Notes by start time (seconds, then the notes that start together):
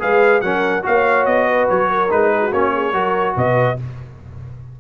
0.00 G#3 G#4 B4 F5
0.41 F#3 C#4 A#4 F#5
0.83 A#3 F#4 C#5 F5
1.26 B3 D#5
1.49 B4
1.70 F#3 C#5
1.90 A#4
2.10 G#3 D#4 B4
2.32 G#4
2.42 F#4
2.52 A#3 C#4 C#5
2.74 G#4
2.93 F#3 F#4 A#4
3.37 B2 B4 D#5